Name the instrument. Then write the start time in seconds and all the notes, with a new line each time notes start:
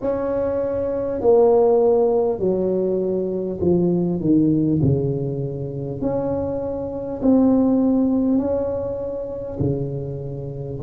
tuba
0.01 C#4
1.21 A#3
2.39 F#3
3.60 F3
4.20 D#3
4.82 C#3
6.01 C#4
7.22 C4
8.37 C#4
9.59 C#3